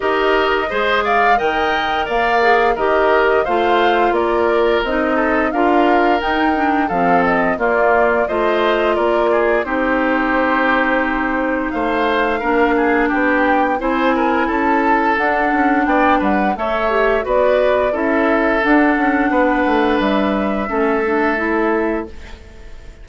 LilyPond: <<
  \new Staff \with { instrumentName = "flute" } { \time 4/4 \tempo 4 = 87 dis''4. f''8 g''4 f''4 | dis''4 f''4 d''4 dis''4 | f''4 g''4 f''8 dis''8 d''4 | dis''4 d''4 c''2~ |
c''4 f''2 g''4 | gis''4 a''4 fis''4 g''8 fis''8 | e''4 d''4 e''4 fis''4~ | fis''4 e''2. | }
  \new Staff \with { instrumentName = "oboe" } { \time 4/4 ais'4 c''8 d''8 dis''4 d''4 | ais'4 c''4 ais'4. a'8 | ais'2 a'4 f'4 | c''4 ais'8 gis'8 g'2~ |
g'4 c''4 ais'8 gis'8 g'4 | c''8 ais'8 a'2 d''8 b'8 | cis''4 b'4 a'2 | b'2 a'2 | }
  \new Staff \with { instrumentName = "clarinet" } { \time 4/4 g'4 gis'4 ais'4. gis'8 | g'4 f'2 dis'4 | f'4 dis'8 d'8 c'4 ais4 | f'2 dis'2~ |
dis'2 d'2 | e'2 d'2 | a'8 g'8 fis'4 e'4 d'4~ | d'2 cis'8 d'8 e'4 | }
  \new Staff \with { instrumentName = "bassoon" } { \time 4/4 dis'4 gis4 dis4 ais4 | dis4 a4 ais4 c'4 | d'4 dis'4 f4 ais4 | a4 ais4 c'2~ |
c'4 a4 ais4 b4 | c'4 cis'4 d'8 cis'8 b8 g8 | a4 b4 cis'4 d'8 cis'8 | b8 a8 g4 a2 | }
>>